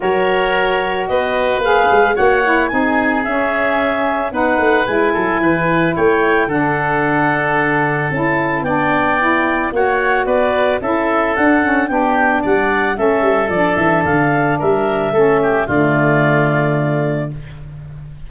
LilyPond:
<<
  \new Staff \with { instrumentName = "clarinet" } { \time 4/4 \tempo 4 = 111 cis''2 dis''4 f''4 | fis''4 gis''4 e''2 | fis''4 gis''2 g''4 | fis''2. a''4 |
g''2 fis''4 d''4 | e''4 fis''4 g''4 fis''4 | e''4 d''8 e''8 f''4 e''4~ | e''4 d''2. | }
  \new Staff \with { instrumentName = "oboe" } { \time 4/4 ais'2 b'2 | cis''4 gis'2. | b'4. a'8 b'4 cis''4 | a'1 |
d''2 cis''4 b'4 | a'2 g'4 d''4 | a'2. ais'4 | a'8 g'8 f'2. | }
  \new Staff \with { instrumentName = "saxophone" } { \time 4/4 fis'2. gis'4 | fis'8 e'8 dis'4 cis'2 | dis'4 e'2. | d'2. e'4 |
d'4 e'4 fis'2 | e'4 d'8 cis'8 d'2 | cis'4 d'2. | cis'4 a2. | }
  \new Staff \with { instrumentName = "tuba" } { \time 4/4 fis2 b4 ais8 gis8 | ais4 c'4 cis'2 | b8 a8 gis8 fis8 e4 a4 | d2. cis'4 |
b2 ais4 b4 | cis'4 d'4 b4 g4 | a8 g8 f8 e8 d4 g4 | a4 d2. | }
>>